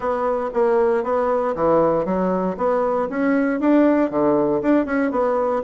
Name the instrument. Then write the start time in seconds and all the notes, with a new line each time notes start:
bassoon
0.00 B3
0.53 A#3
1.03 B3
1.55 E3
2.05 F#3
2.57 B3
3.09 C#4
3.59 D4
4.10 D3
4.62 D4
4.85 C#4
5.11 B3